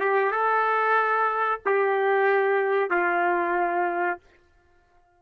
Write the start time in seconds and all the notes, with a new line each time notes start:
0.00 G4
0.31 A4
1.65 G4
2.90 F4